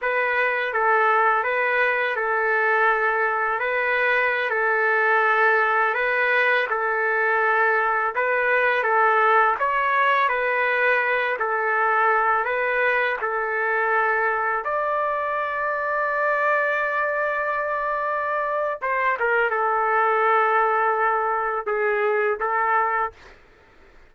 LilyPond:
\new Staff \with { instrumentName = "trumpet" } { \time 4/4 \tempo 4 = 83 b'4 a'4 b'4 a'4~ | a'4 b'4~ b'16 a'4.~ a'16~ | a'16 b'4 a'2 b'8.~ | b'16 a'4 cis''4 b'4. a'16~ |
a'4~ a'16 b'4 a'4.~ a'16~ | a'16 d''2.~ d''8.~ | d''2 c''8 ais'8 a'4~ | a'2 gis'4 a'4 | }